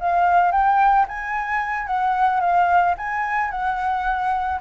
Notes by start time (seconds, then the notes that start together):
0.00 F5
0.52 G5
1.08 G#5
1.86 F#5
2.40 F5
2.97 G#5
3.51 F#5